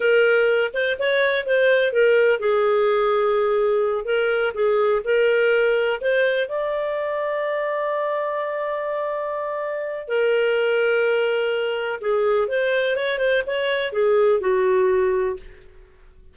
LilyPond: \new Staff \with { instrumentName = "clarinet" } { \time 4/4 \tempo 4 = 125 ais'4. c''8 cis''4 c''4 | ais'4 gis'2.~ | gis'8 ais'4 gis'4 ais'4.~ | ais'8 c''4 d''2~ d''8~ |
d''1~ | d''4 ais'2.~ | ais'4 gis'4 c''4 cis''8 c''8 | cis''4 gis'4 fis'2 | }